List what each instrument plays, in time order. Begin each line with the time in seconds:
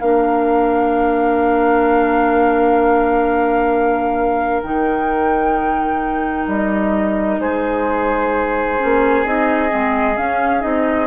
0.00 bassoon A#3, clarinet D4, oboe A#4, flute F5
4.63 bassoon D#3, clarinet D#4, flute G5
6.47 bassoon G3, flute D#5
7.39 bassoon G#3, oboe G#4, flute C5
8.79 bassoon A#3, clarinet C#4
9.25 bassoon C4, clarinet D#4, flute D#5
9.69 bassoon G#3, clarinet C4
10.17 clarinet C#4, bassoon C#4, flute F5
10.60 bassoon C4, clarinet D#4, flute D#5